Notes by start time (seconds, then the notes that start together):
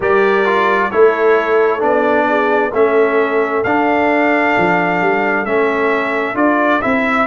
0.00 G3 G4 A#4 D5
0.45 F4
0.90 A3 E4 A4 C#5
1.79 B3 D4 D5
2.28 G#4
2.72 A3 C#4 A4 E5
3.63 D4 F5
4.57 F3
5.01 G3
5.45 A3 C#4 E5
6.34 D4 F4 D5
6.81 C4 E4 E5